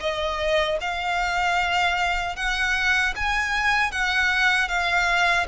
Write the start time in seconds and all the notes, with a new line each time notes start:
0.00 D#5
0.81 F5
2.36 F#5
3.16 G#5
3.91 F#5
4.68 F5